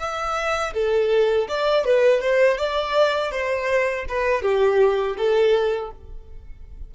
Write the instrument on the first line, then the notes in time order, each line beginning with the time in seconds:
violin
0.00 E5
0.74 A4
1.48 D5
1.86 B4
2.21 C5
2.58 D5
3.32 C5
4.09 B4
4.43 G4
5.18 A4